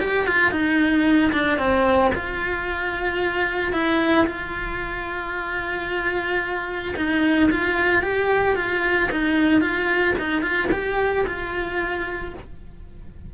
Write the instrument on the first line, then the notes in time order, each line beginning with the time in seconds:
cello
0.00 G4
0.27 F4
0.52 D#4
1.32 D4
1.58 C4
2.15 F4
3.73 E4
4.27 F4
6.96 D#4
7.51 F4
8.03 G4
8.56 F4
9.11 D#4
9.61 F4
10.19 D#4
10.41 F4
10.72 G4
11.26 F4